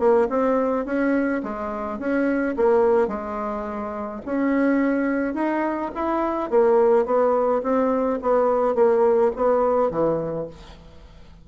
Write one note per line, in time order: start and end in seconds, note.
0.00 0.28 A#3
0.30 0.86 C4
0.86 1.42 C#4
1.43 1.99 G#3
1.99 2.56 C#4
2.57 3.08 A#3
3.08 4.21 G#3
4.26 5.35 C#4
5.35 5.92 D#4
5.96 6.51 E4
6.51 7.06 A#3
7.06 7.62 B3
7.63 8.20 C4
8.22 8.75 B3
8.75 9.32 A#3
9.36 9.91 B3
9.91 10.48 E3